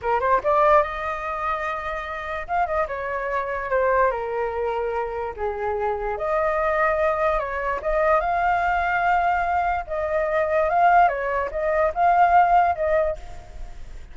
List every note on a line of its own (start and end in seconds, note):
0.01 0.20 A#4
0.20 0.40 C5
0.43 0.82 D5
0.82 2.47 D#5
2.47 2.66 F5
2.66 2.87 D#5
2.87 3.69 C#5
3.70 4.10 C5
4.10 5.34 A#4
5.36 6.17 G#4
6.17 7.39 D#5
7.39 7.80 C#5
7.82 8.20 D#5
8.20 9.84 F5
9.87 10.69 D#5
10.69 11.08 F5
11.08 11.49 C#5
11.51 11.92 D#5
11.94 12.75 F5
12.75 13.16 D#5